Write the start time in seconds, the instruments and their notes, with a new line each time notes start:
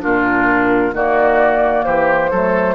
0.00 bassoon A#2, clarinet D4, oboe F4, flute A#4
0.93 bassoon D#3, clarinet A#3, oboe F#4, flute D5
1.84 bassoon E3, oboe G4, flute C5
2.31 bassoon F#3, clarinet A3, oboe A4